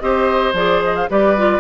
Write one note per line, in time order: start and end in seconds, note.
0.00 0.53 C4
0.00 0.55 G4
0.00 1.10 C5
0.00 0.54 D#5
0.53 1.07 F3
0.53 1.10 G#4
0.53 0.83 D5
0.84 0.96 D#5
0.96 1.09 F5
1.10 1.61 G3
1.10 1.37 G4
1.10 1.61 B4
1.10 1.61 D5
1.37 1.61 F4